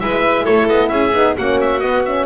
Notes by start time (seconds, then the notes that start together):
0.00 G#3 E4 B4 E5
0.45 A3 A4 C#5
0.69 B3 D#5
0.89 C#4 G#4 E5
1.14 B3 D#4
1.37 A#3 C#4 F#4 F#5
1.61 E5
1.80 B3 D#5
2.06 C#4 E5